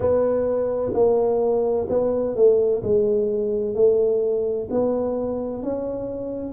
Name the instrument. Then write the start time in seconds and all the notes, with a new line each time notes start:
tuba
0.00 B3
0.93 A#3
1.89 B3
2.35 A3
2.83 G#3
3.75 A3
4.70 B3
5.62 C#4